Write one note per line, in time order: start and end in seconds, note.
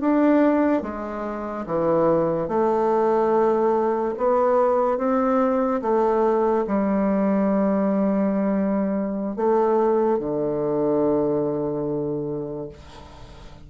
0.00 0.82 D4
0.82 1.65 G#3
1.66 2.48 E3
2.48 4.14 A3
4.17 4.97 B3
4.97 5.81 C4
5.81 6.65 A3
6.67 9.36 G3
9.36 10.19 A3
10.19 12.69 D3